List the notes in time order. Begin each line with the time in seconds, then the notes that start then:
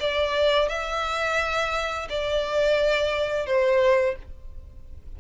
0.00 D5
0.68 E5
2.10 D5
3.46 C5